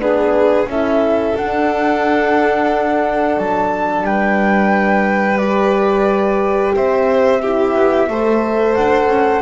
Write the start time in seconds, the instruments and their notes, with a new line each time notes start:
0.00 double bass B3, horn D4, violin G#4, flute B4
0.66 double bass C#4, horn E4, violin A4, flute E5
1.36 double bass D4, horn D4, flute F#5
3.38 double bass F#3, flute A5
4.03 double bass G3, violin B4, flute G5
5.38 horn G4, flute D5
6.76 double bass C4, violin C5, flute E5
7.42 horn E4, violin G4
7.75 double bass B3
8.09 double bass A3, horn A4, violin C5
8.75 double bass D4, flute F#5
9.07 double bass C#4